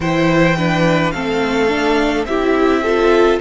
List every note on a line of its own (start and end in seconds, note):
0.00 1.12 E3
0.00 0.57 E4
0.00 0.56 C5
0.00 1.11 G5
0.56 1.14 D4
0.56 1.12 B4
1.11 2.25 A3
1.11 1.68 C4
1.11 2.27 A4
1.11 2.24 F5
1.68 2.25 D4
2.25 3.38 C4
2.25 2.85 E4
2.25 2.83 G4
2.25 3.38 E5
2.83 3.40 F4
2.83 3.39 A4